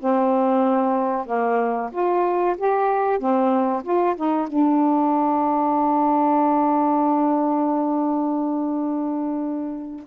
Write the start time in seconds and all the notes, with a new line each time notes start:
0.00 C4
1.26 A#3
1.92 F4
2.58 G4
3.19 C4
3.84 F4
4.16 D#4
4.48 D4